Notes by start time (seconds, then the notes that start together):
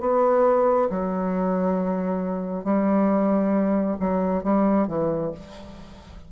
0.00 B3
0.89 F#3
2.64 G3
3.99 F#3
4.43 G3
4.87 E3